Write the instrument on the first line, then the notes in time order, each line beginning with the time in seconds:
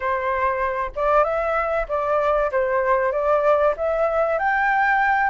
flute
0.00 C5
0.95 D5
1.24 E5
1.88 D5
2.51 C5
3.12 D5
3.76 E5
4.38 G5